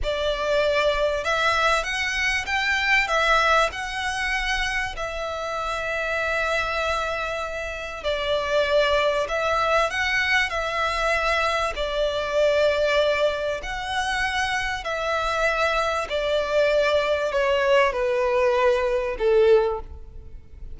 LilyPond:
\new Staff \with { instrumentName = "violin" } { \time 4/4 \tempo 4 = 97 d''2 e''4 fis''4 | g''4 e''4 fis''2 | e''1~ | e''4 d''2 e''4 |
fis''4 e''2 d''4~ | d''2 fis''2 | e''2 d''2 | cis''4 b'2 a'4 | }